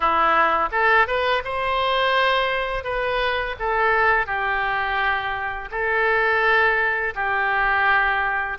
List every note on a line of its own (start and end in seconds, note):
0.00 0.69 E4
0.71 1.07 A4
1.07 1.43 B4
1.44 2.84 C5
2.84 3.55 B4
3.59 4.26 A4
4.26 5.69 G4
5.71 7.14 A4
7.15 8.57 G4